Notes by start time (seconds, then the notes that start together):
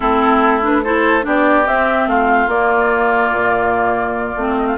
0.00 A3 C4 E4 A4
0.62 D4 B4
0.83 E4 A4 C5
1.22 B3 D4 G4 D5
1.66 C4 E5
2.06 A3 F4 F5
2.47 A#3 D5
3.31 A#2
4.36 A3 C4
4.57 D#5
4.66 F5